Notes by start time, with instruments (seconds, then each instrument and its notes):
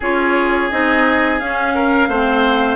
0.00 bassoon C#4, clarinet F4, oboe G#4, flute C#5
0.70 bassoon C4, clarinet D#4, flute D#5
1.39 clarinet C#4, bassoon C#4, flute F5
1.74 oboe A#4
2.08 bassoon A3, clarinet C4, oboe C5